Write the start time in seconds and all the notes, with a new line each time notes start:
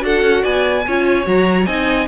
0.00 D4 F#4 A4 F#5
0.22 C#4
0.43 B3 D5 G#5
0.87 C#4 F4 C#5
1.24 F#3 F#4 A#5
1.66 C4 D#4 D#5 G#5